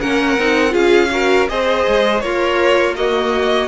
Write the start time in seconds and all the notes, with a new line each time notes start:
0.00 A#3 C#4 A#4 F#5
0.38 C4 D#4
0.70 C#4 F4 G#4 F5
1.11 F#4 A#4
1.48 C4 G#4 C5 D#5
1.87 G#3
2.20 A#3 F4 A#4 C#5
2.96 A#3 F#4 D#5